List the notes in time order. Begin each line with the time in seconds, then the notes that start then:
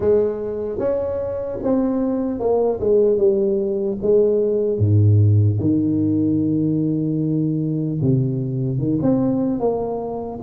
0.00 G#3
0.79 C#4
1.62 C4
2.39 A#3
2.80 G#3
3.17 G3
4.01 G#3
4.78 G#2
5.60 D#3
8.01 C3
8.78 D#3
9.01 C4
9.59 A#3